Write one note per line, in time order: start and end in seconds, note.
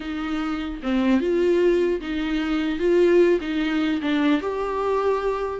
0.00 0.80 D#4
0.83 1.20 C4
1.20 2.00 F4
2.01 2.79 D#4
2.79 3.39 F4
3.41 4.01 D#4
4.01 4.41 D4
4.41 5.60 G4